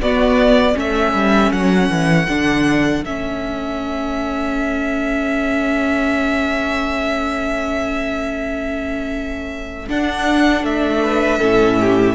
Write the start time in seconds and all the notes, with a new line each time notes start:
0.00 B3 F#4 D5
0.75 A3 C#4 A4 E5
1.13 G3
1.52 F#3 F#5
1.90 E3
2.29 D3 D4
3.05 A3 C#4 E5
9.89 D4 F#5
10.63 A3 E5
11.03 B4
11.39 A2 C#4 A4
11.80 G4